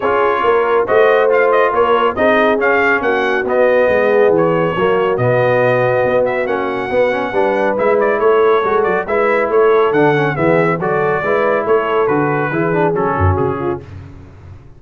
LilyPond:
<<
  \new Staff \with { instrumentName = "trumpet" } { \time 4/4 \tempo 4 = 139 cis''2 dis''4 f''8 dis''8 | cis''4 dis''4 f''4 fis''4 | dis''2 cis''2 | dis''2~ dis''8 e''8 fis''4~ |
fis''2 e''8 d''8 cis''4~ | cis''8 d''8 e''4 cis''4 fis''4 | e''4 d''2 cis''4 | b'2 a'4 gis'4 | }
  \new Staff \with { instrumentName = "horn" } { \time 4/4 gis'4 ais'4 c''2 | ais'4 gis'2 fis'4~ | fis'4 gis'2 fis'4~ | fis'1~ |
fis'4 b'2 a'4~ | a'4 b'4 a'2 | gis'4 a'4 b'4 a'4~ | a'4 gis'4. fis'4 f'8 | }
  \new Staff \with { instrumentName = "trombone" } { \time 4/4 f'2 fis'4 f'4~ | f'4 dis'4 cis'2 | b2. ais4 | b2. cis'4 |
b8 cis'8 d'4 e'2 | fis'4 e'2 d'8 cis'8 | b4 fis'4 e'2 | fis'4 e'8 d'8 cis'2 | }
  \new Staff \with { instrumentName = "tuba" } { \time 4/4 cis'4 ais4 a2 | ais4 c'4 cis'4 ais4 | b4 gis4 e4 fis4 | b,2 b4 ais4 |
b4 g4 gis4 a4 | gis8 fis8 gis4 a4 d4 | e4 fis4 gis4 a4 | d4 e4 fis8 fis,8 cis4 | }
>>